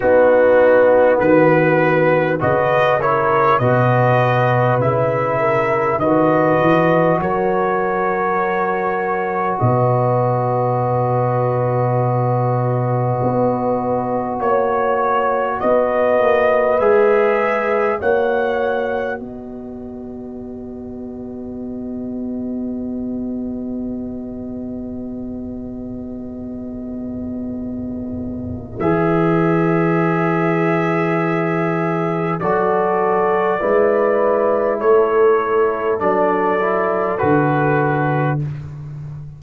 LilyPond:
<<
  \new Staff \with { instrumentName = "trumpet" } { \time 4/4 \tempo 4 = 50 fis'4 b'4 dis''8 cis''8 dis''4 | e''4 dis''4 cis''2 | dis''1 | cis''4 dis''4 e''4 fis''4 |
dis''1~ | dis''1 | e''2. d''4~ | d''4 cis''4 d''4 b'4 | }
  \new Staff \with { instrumentName = "horn" } { \time 4/4 dis'4 fis'4 b'8 ais'8 b'4~ | b'8 ais'8 b'4 ais'2 | b'1 | cis''4 b'2 cis''4 |
b'1~ | b'1~ | b'2. a'4 | b'4 a'2. | }
  \new Staff \with { instrumentName = "trombone" } { \time 4/4 b2 fis'8 e'8 fis'4 | e'4 fis'2.~ | fis'1~ | fis'2 gis'4 fis'4~ |
fis'1~ | fis'1 | gis'2. fis'4 | e'2 d'8 e'8 fis'4 | }
  \new Staff \with { instrumentName = "tuba" } { \time 4/4 b4 dis4 cis4 b,4 | cis4 dis8 e8 fis2 | b,2. b4 | ais4 b8 ais8 gis4 ais4 |
b1~ | b1 | e2. fis4 | gis4 a4 fis4 d4 | }
>>